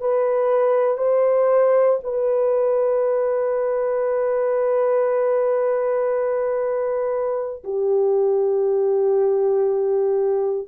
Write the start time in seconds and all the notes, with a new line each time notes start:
0.00 B4
0.97 C5
2.03 B4
7.64 G4